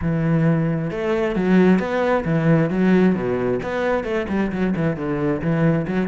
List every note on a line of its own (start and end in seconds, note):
0.01 0.90 E3
0.90 1.35 A3
1.35 1.79 F#3
1.79 2.24 B3
2.24 2.69 E3
2.70 3.15 F#3
3.15 3.60 B2
3.63 4.04 B3
4.04 4.26 A3
4.29 4.51 G3
4.52 4.74 F#3
4.75 4.96 E3
4.96 5.41 D3
5.41 5.86 E3
5.87 6.08 F#3